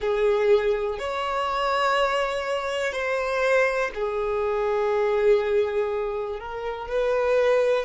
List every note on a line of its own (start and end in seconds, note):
0.00 0.98 G#4
0.98 2.92 C#5
2.92 3.90 C5
3.94 6.39 G#4
6.39 6.89 A#4
6.89 7.85 B4